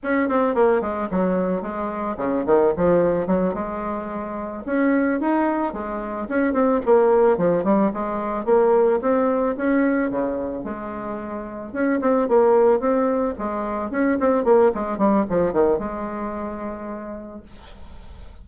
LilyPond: \new Staff \with { instrumentName = "bassoon" } { \time 4/4 \tempo 4 = 110 cis'8 c'8 ais8 gis8 fis4 gis4 | cis8 dis8 f4 fis8 gis4.~ | gis8 cis'4 dis'4 gis4 cis'8 | c'8 ais4 f8 g8 gis4 ais8~ |
ais8 c'4 cis'4 cis4 gis8~ | gis4. cis'8 c'8 ais4 c'8~ | c'8 gis4 cis'8 c'8 ais8 gis8 g8 | f8 dis8 gis2. | }